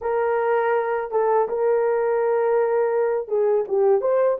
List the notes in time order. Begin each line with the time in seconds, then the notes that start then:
0.01 A#4
1.11 A4
1.48 A#4
3.28 G#4
3.68 G4
4.01 C5